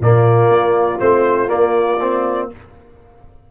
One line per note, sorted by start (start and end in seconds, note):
0.00 0.49 A#2
0.00 0.98 A#3
0.00 2.50 F4
0.00 1.00 D5
0.49 0.98 A#3
0.98 1.50 A3
0.98 1.47 C4
0.98 1.49 C5
1.47 1.96 A#3
1.47 2.51 A#3
1.47 2.48 D5
2.00 2.49 C4